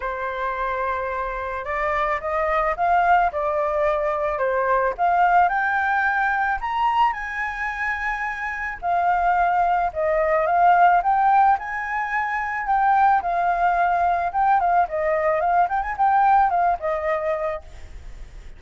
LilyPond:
\new Staff \with { instrumentName = "flute" } { \time 4/4 \tempo 4 = 109 c''2. d''4 | dis''4 f''4 d''2 | c''4 f''4 g''2 | ais''4 gis''2. |
f''2 dis''4 f''4 | g''4 gis''2 g''4 | f''2 g''8 f''8 dis''4 | f''8 g''16 gis''16 g''4 f''8 dis''4. | }